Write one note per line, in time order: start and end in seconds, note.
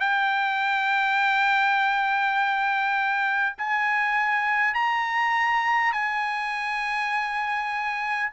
0.00 3.56 G5
3.58 4.74 G#5
4.74 5.93 A#5
5.93 8.30 G#5